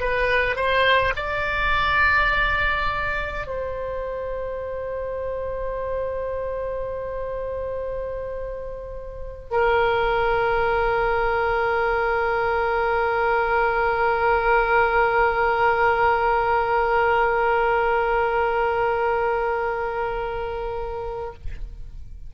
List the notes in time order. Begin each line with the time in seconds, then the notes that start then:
0.00 B4
0.56 C5
1.16 D5
3.47 C5
9.51 A#4